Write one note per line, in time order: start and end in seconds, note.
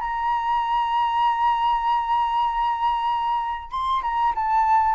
0.00 3.71 A#5
3.71 4.02 C6
4.02 4.33 A#5
4.35 4.95 A5